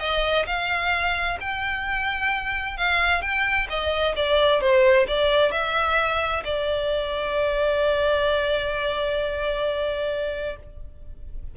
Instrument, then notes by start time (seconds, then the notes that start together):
violin
0.00 D#5
0.46 F5
1.41 G5
2.78 F5
3.22 G5
3.70 D#5
4.16 D5
4.61 C5
5.08 D5
5.52 E5
6.45 D5